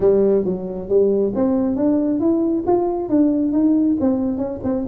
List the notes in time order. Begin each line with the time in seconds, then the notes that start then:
0.00 G3
0.44 F#3
0.88 G3
1.35 C4
1.75 D4
2.20 E4
2.66 F4
3.09 D4
3.52 D#4
4.00 C4
4.37 C#4
4.63 C4